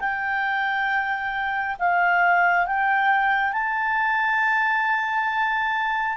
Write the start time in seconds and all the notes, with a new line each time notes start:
0.00 G5
1.79 F5
2.66 G5
3.53 A5